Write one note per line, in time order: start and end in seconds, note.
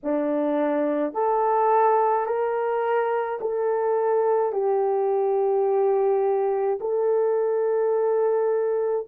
0.03 1.13 D4
1.13 2.26 A4
2.26 3.39 A#4
3.41 4.52 A4
4.52 6.79 G4
6.80 9.07 A4